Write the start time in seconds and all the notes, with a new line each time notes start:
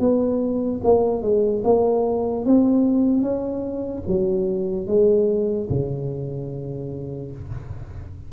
0.00 B3
0.84 A#3
1.22 G#3
1.64 A#3
2.45 C4
3.22 C#4
4.08 F#3
4.87 G#3
5.70 C#3